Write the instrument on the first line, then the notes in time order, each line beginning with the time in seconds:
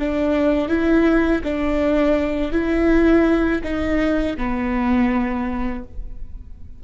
viola
0.00 D4
0.69 E4
1.44 D4
2.52 E4
3.64 D#4
4.38 B3